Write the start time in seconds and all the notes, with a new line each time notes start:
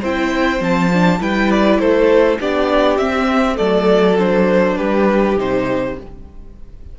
0.00 C4 E4 C5 G5
0.59 F3 C4 A5
0.93 D4
1.19 G3 E4 B4 G5
1.51 D5
1.79 A3 A4 C5
2.40 B3 D4 G4 D5
2.97 C4 E5
3.54 F#3 A3 A4 D5
4.18 D4 C5
4.75 G3 G4 B4
5.37 C3 D#4 C5